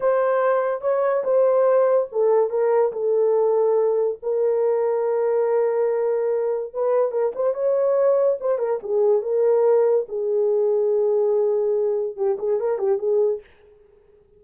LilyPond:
\new Staff \with { instrumentName = "horn" } { \time 4/4 \tempo 4 = 143 c''2 cis''4 c''4~ | c''4 a'4 ais'4 a'4~ | a'2 ais'2~ | ais'1 |
b'4 ais'8 c''8 cis''2 | c''8 ais'8 gis'4 ais'2 | gis'1~ | gis'4 g'8 gis'8 ais'8 g'8 gis'4 | }